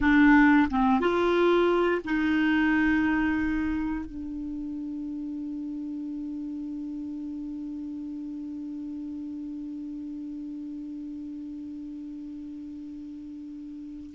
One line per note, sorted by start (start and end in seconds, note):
0.01 0.68 D4
0.70 1.00 C4
1.00 2.01 F4
2.04 4.05 D#4
4.05 14.15 D4